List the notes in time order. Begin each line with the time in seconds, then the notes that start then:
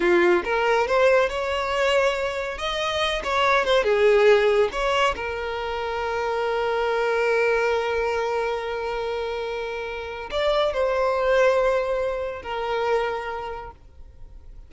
0.00 F4
0.44 A#4
0.87 C5
1.29 C#5
2.58 D#5
3.23 C#5
3.64 C5
3.83 G#4
4.72 C#5
5.15 A#4
10.31 D5
10.73 C5
12.42 A#4